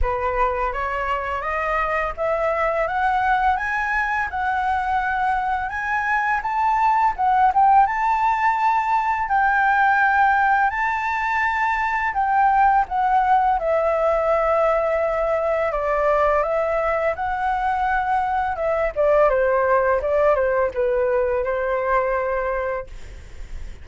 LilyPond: \new Staff \with { instrumentName = "flute" } { \time 4/4 \tempo 4 = 84 b'4 cis''4 dis''4 e''4 | fis''4 gis''4 fis''2 | gis''4 a''4 fis''8 g''8 a''4~ | a''4 g''2 a''4~ |
a''4 g''4 fis''4 e''4~ | e''2 d''4 e''4 | fis''2 e''8 d''8 c''4 | d''8 c''8 b'4 c''2 | }